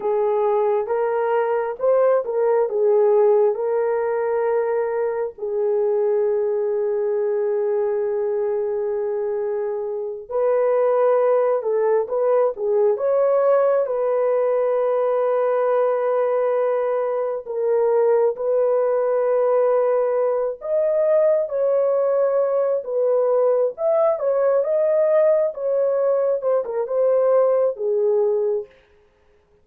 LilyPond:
\new Staff \with { instrumentName = "horn" } { \time 4/4 \tempo 4 = 67 gis'4 ais'4 c''8 ais'8 gis'4 | ais'2 gis'2~ | gis'2.~ gis'8 b'8~ | b'4 a'8 b'8 gis'8 cis''4 b'8~ |
b'2.~ b'8 ais'8~ | ais'8 b'2~ b'8 dis''4 | cis''4. b'4 e''8 cis''8 dis''8~ | dis''8 cis''4 c''16 ais'16 c''4 gis'4 | }